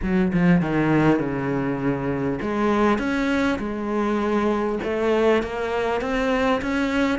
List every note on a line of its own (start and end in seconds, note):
0.02 0.32 F#3
0.33 0.61 F3
0.61 1.19 D#3
1.19 2.39 C#3
2.41 2.98 G#3
2.98 3.58 C#4
3.58 4.78 G#3
4.83 5.42 A3
5.42 6.01 A#3
6.01 6.61 C4
6.61 7.18 C#4